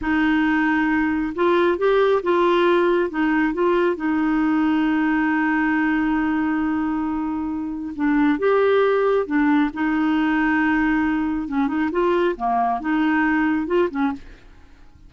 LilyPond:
\new Staff \with { instrumentName = "clarinet" } { \time 4/4 \tempo 4 = 136 dis'2. f'4 | g'4 f'2 dis'4 | f'4 dis'2.~ | dis'1~ |
dis'2 d'4 g'4~ | g'4 d'4 dis'2~ | dis'2 cis'8 dis'8 f'4 | ais4 dis'2 f'8 cis'8 | }